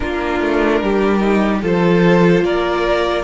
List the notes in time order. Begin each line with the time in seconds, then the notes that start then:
0.00 A#3 D4 F4 A#4
0.41 A3
0.81 G3 G4
1.20 D#4
1.62 F3 F4 A4 C5
2.41 A#3 A#4 D5